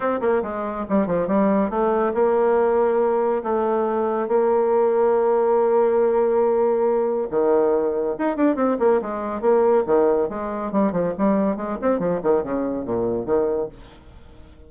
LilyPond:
\new Staff \with { instrumentName = "bassoon" } { \time 4/4 \tempo 4 = 140 c'8 ais8 gis4 g8 f8 g4 | a4 ais2. | a2 ais2~ | ais1~ |
ais4 dis2 dis'8 d'8 | c'8 ais8 gis4 ais4 dis4 | gis4 g8 f8 g4 gis8 c'8 | f8 dis8 cis4 ais,4 dis4 | }